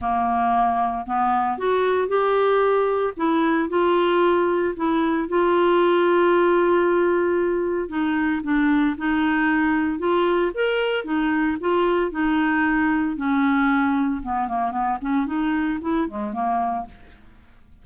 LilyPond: \new Staff \with { instrumentName = "clarinet" } { \time 4/4 \tempo 4 = 114 ais2 b4 fis'4 | g'2 e'4 f'4~ | f'4 e'4 f'2~ | f'2. dis'4 |
d'4 dis'2 f'4 | ais'4 dis'4 f'4 dis'4~ | dis'4 cis'2 b8 ais8 | b8 cis'8 dis'4 e'8 gis8 ais4 | }